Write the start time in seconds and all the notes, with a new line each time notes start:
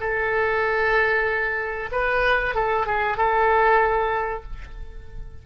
0.00 A4
1.91 B4
2.54 A4
2.86 G#4
3.17 A4